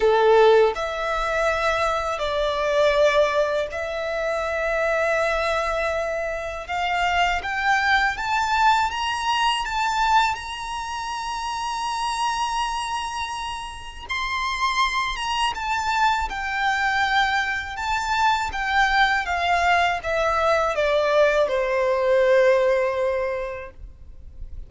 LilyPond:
\new Staff \with { instrumentName = "violin" } { \time 4/4 \tempo 4 = 81 a'4 e''2 d''4~ | d''4 e''2.~ | e''4 f''4 g''4 a''4 | ais''4 a''4 ais''2~ |
ais''2. c'''4~ | c'''8 ais''8 a''4 g''2 | a''4 g''4 f''4 e''4 | d''4 c''2. | }